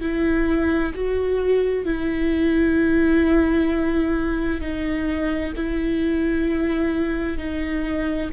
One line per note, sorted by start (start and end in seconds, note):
0.00 0.92 E4
0.94 1.85 F#4
1.85 4.60 E4
4.60 5.53 D#4
5.56 7.37 E4
7.37 8.30 D#4